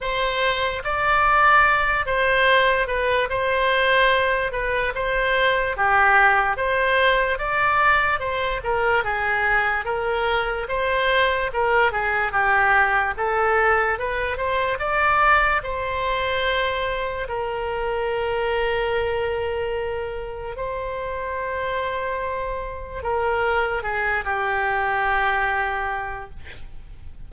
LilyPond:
\new Staff \with { instrumentName = "oboe" } { \time 4/4 \tempo 4 = 73 c''4 d''4. c''4 b'8 | c''4. b'8 c''4 g'4 | c''4 d''4 c''8 ais'8 gis'4 | ais'4 c''4 ais'8 gis'8 g'4 |
a'4 b'8 c''8 d''4 c''4~ | c''4 ais'2.~ | ais'4 c''2. | ais'4 gis'8 g'2~ g'8 | }